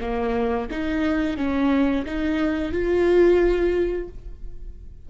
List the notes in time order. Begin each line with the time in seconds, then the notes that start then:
0.00 A#3
0.70 D#4
1.37 C#4
2.05 D#4
2.72 F4